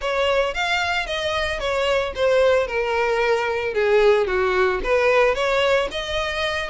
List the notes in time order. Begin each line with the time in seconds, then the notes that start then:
0.01 C#5
0.54 F5
1.06 D#5
1.59 C#5
2.15 C5
2.67 A#4
3.74 G#4
4.26 F#4
4.83 B4
5.34 C#5
5.91 D#5